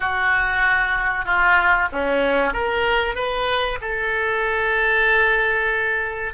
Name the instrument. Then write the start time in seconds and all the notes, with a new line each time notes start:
oboe
0.00 F#4
1.25 F4
1.92 C#4
2.53 A#4
3.15 B4
3.81 A4